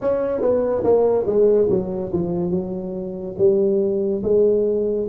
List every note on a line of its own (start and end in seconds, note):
0.01 0.41 C#4
0.41 0.83 B3
0.83 1.25 A#3
1.26 1.68 G#3
1.69 2.12 F#3
2.12 2.50 F3
2.50 3.35 F#3
3.38 4.22 G3
4.23 5.07 G#3